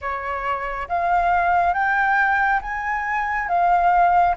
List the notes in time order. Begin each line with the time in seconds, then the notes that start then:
0.01 C#5
0.88 F5
1.73 G5
2.61 G#5
3.48 F5